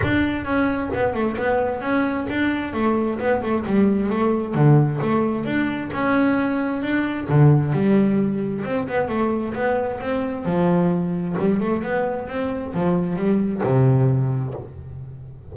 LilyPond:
\new Staff \with { instrumentName = "double bass" } { \time 4/4 \tempo 4 = 132 d'4 cis'4 b8 a8 b4 | cis'4 d'4 a4 b8 a8 | g4 a4 d4 a4 | d'4 cis'2 d'4 |
d4 g2 c'8 b8 | a4 b4 c'4 f4~ | f4 g8 a8 b4 c'4 | f4 g4 c2 | }